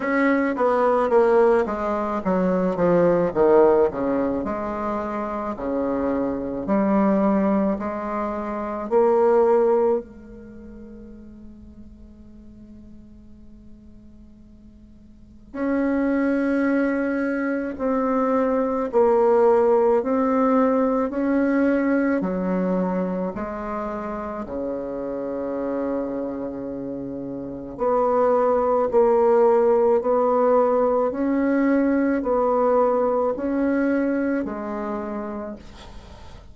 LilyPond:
\new Staff \with { instrumentName = "bassoon" } { \time 4/4 \tempo 4 = 54 cis'8 b8 ais8 gis8 fis8 f8 dis8 cis8 | gis4 cis4 g4 gis4 | ais4 gis2.~ | gis2 cis'2 |
c'4 ais4 c'4 cis'4 | fis4 gis4 cis2~ | cis4 b4 ais4 b4 | cis'4 b4 cis'4 gis4 | }